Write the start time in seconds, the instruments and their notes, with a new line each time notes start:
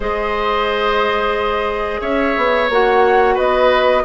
0.00 bassoon G#3, clarinet G#4, oboe C5, flute D#5
2.01 bassoon C#4, oboe C#5, flute E5
2.37 bassoon B3
2.69 bassoon A#3, clarinet F#4, flute F#5
3.34 bassoon B3, oboe B4, flute D#5